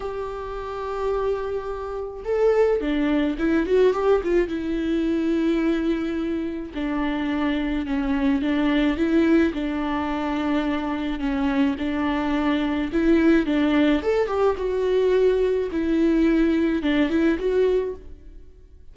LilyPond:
\new Staff \with { instrumentName = "viola" } { \time 4/4 \tempo 4 = 107 g'1 | a'4 d'4 e'8 fis'8 g'8 f'8 | e'1 | d'2 cis'4 d'4 |
e'4 d'2. | cis'4 d'2 e'4 | d'4 a'8 g'8 fis'2 | e'2 d'8 e'8 fis'4 | }